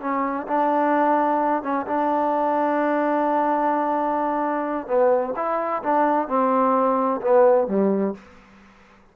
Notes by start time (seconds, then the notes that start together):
0.00 C#4
0.47 D4
1.62 C#4
1.86 D4
4.87 B3
5.36 E4
5.83 D4
6.27 C4
7.21 B3
7.67 G3